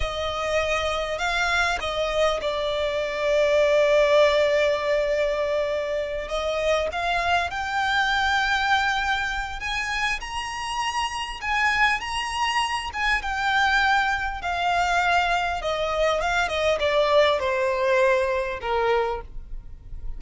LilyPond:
\new Staff \with { instrumentName = "violin" } { \time 4/4 \tempo 4 = 100 dis''2 f''4 dis''4 | d''1~ | d''2~ d''8 dis''4 f''8~ | f''8 g''2.~ g''8 |
gis''4 ais''2 gis''4 | ais''4. gis''8 g''2 | f''2 dis''4 f''8 dis''8 | d''4 c''2 ais'4 | }